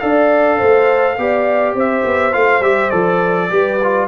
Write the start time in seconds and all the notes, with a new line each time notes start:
0.00 D4 A4 D5 F5
0.58 A3 C5
1.18 B3 G4 D5
1.75 C4 C5 E5
2.06 B3
2.33 A3 F4 F5
2.61 G3 G4 E5
2.91 F3 A4 D5
3.50 G3 G4 B4
3.83 F4